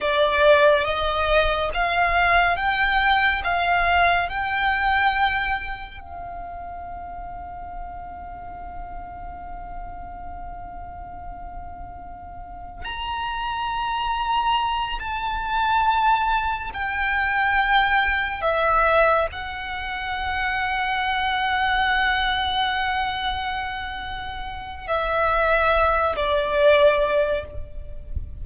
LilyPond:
\new Staff \with { instrumentName = "violin" } { \time 4/4 \tempo 4 = 70 d''4 dis''4 f''4 g''4 | f''4 g''2 f''4~ | f''1~ | f''2. ais''4~ |
ais''4. a''2 g''8~ | g''4. e''4 fis''4.~ | fis''1~ | fis''4 e''4. d''4. | }